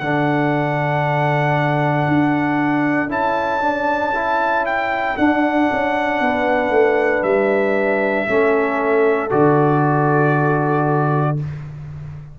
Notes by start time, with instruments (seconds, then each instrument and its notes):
0.00 tuba D3, trombone D4, horn A4, trumpet F#5
2.08 tuba D4
3.08 tuba C#4, trombone E4, trumpet A5
3.61 trombone D4
4.14 trombone E4
4.66 trumpet G5
5.17 trombone D4, tuba D4, trumpet F#5
5.72 tuba C#4
6.20 tuba B3, horn B4
6.70 tuba A3
7.23 tuba G3, trumpet E5
8.28 tuba A3, trombone C#4, horn A4
9.30 tuba D3, trombone F#4, trumpet D5